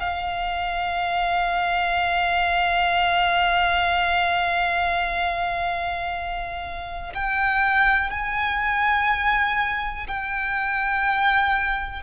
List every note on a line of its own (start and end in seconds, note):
0.00 7.13 F5
7.14 8.10 G5
8.10 10.07 G#5
10.07 12.03 G5